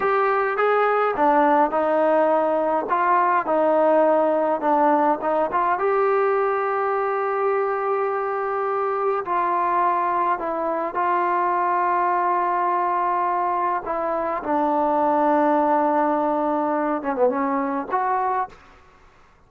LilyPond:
\new Staff \with { instrumentName = "trombone" } { \time 4/4 \tempo 4 = 104 g'4 gis'4 d'4 dis'4~ | dis'4 f'4 dis'2 | d'4 dis'8 f'8 g'2~ | g'1 |
f'2 e'4 f'4~ | f'1 | e'4 d'2.~ | d'4. cis'16 b16 cis'4 fis'4 | }